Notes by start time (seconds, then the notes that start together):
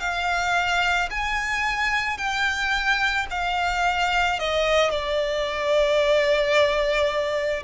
0.00 F5
1.10 G#5
2.17 G5
3.30 F5
4.39 D#5
4.90 D5